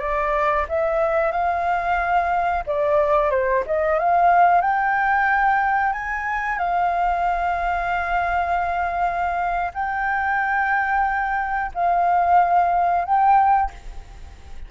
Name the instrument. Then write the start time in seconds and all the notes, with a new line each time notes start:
flute
0.00 D5
0.70 E5
1.32 F5
2.67 D5
3.31 C5
3.67 D#5
4.00 F5
4.62 G5
5.93 G#5
6.59 F5
9.74 G5
11.75 F5
13.05 G5